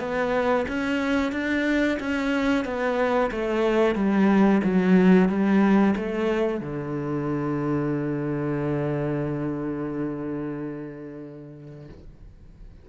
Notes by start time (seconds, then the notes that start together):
0.00 B3
0.68 C#4
1.32 D4
2.00 C#4
2.65 B3
3.31 A3
3.96 G3
4.64 F#3
5.29 G3
5.96 A3
6.61 D3